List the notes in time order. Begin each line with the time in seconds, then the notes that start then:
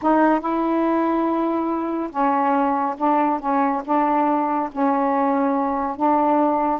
0.01 D#4
0.39 E4
2.10 C#4
2.97 D4
3.39 C#4
3.84 D4
4.72 C#4
5.96 D4